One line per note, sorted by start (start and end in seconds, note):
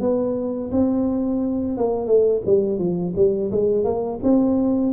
0.00 0.71 B3
0.72 1.77 C4
1.77 2.07 A#3
2.07 2.42 A3
2.46 2.79 G3
2.79 3.14 F3
3.16 3.51 G3
3.51 3.84 G#3
3.84 4.19 A#3
4.23 4.93 C4